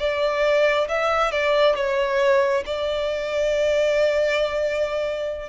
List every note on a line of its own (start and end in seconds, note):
0.00 0.88 D5
0.89 1.32 E5
1.32 1.76 D5
1.76 2.64 C#5
2.66 5.49 D5